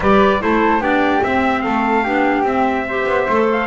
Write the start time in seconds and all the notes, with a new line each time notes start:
0.00 G3 G4 B4 D5
0.40 A3 E4 A4 C5
0.79 B3 D4 G4 D5
1.23 C4 E5
1.61 A3 A4 F5
2.03 B3 D4 G4
2.43 C4 E5
2.88 G4 C5
3.06 B3
3.28 A3 A4
3.52 F5